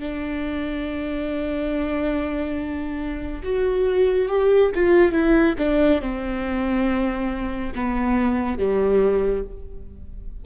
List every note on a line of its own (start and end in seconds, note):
0.00 3.43 D4
3.44 4.29 F#4
4.29 4.72 G4
4.76 5.12 F4
5.12 5.55 E4
5.59 6.02 D4
6.02 7.73 C4
7.76 8.59 B3
8.59 9.44 G3